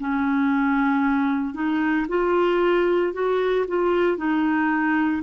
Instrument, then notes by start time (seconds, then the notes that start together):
clarinet
0.00 C#4
1.55 D#4
2.09 F4
3.13 F#4
3.68 F4
4.18 D#4